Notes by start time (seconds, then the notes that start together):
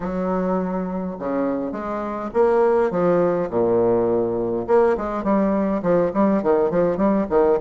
0.00 F#3
1.19 C#3
1.72 G#3
2.33 A#3
2.90 F3
3.50 A#2
4.67 A#3
4.97 G#3
5.23 G3
5.82 F3
6.13 G3
6.42 D#3
6.70 F3
6.97 G3
7.29 D#3